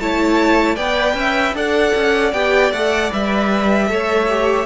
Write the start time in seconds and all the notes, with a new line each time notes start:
0.00 A3 E4 C#5 A5
0.75 B3 B4 D5 G5
1.14 C#4 E5
1.53 D4 A4 D5 F#5
1.95 C#4
2.33 B3 G4 G5
2.72 A3 A4 F#5
3.10 G3 B4 E5
3.88 A3 A4 C#5
4.29 G4